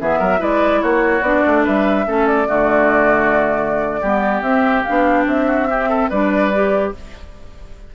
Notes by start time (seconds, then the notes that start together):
0.00 E3 B3 G#4 E5
0.19 F#3 A#4
0.38 G#3 E4 B4 D5
0.81 A#3 F#4 C#5
1.21 B3 D4 D5
1.46 A3
1.63 G3 B4 E5
2.06 A3 C#4 A4
2.26 D5
2.45 D3 A3 F#4
4.01 G3 B3 G4
4.41 C4 E5
4.83 B3 D4 F5
5.26 C4 E5
5.46 F#4
5.70 C4 G4
5.89 A4
6.09 G3 D4 B4 D5
6.53 G4